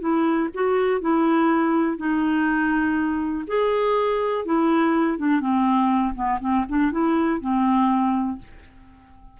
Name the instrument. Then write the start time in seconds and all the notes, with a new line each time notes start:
clarinet
0.00 E4
0.54 F#4
1.01 E4
1.97 D#4
3.47 G#4
4.45 E4
5.18 D4
5.40 C4
6.15 B3
6.40 C4
6.68 D4
6.91 E4
7.40 C4